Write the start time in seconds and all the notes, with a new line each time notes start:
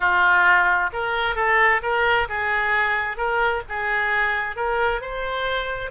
0.00 F4
0.92 A#4
1.35 A4
1.82 A#4
2.29 G#4
3.17 A#4
3.68 G#4
4.56 A#4
5.01 C5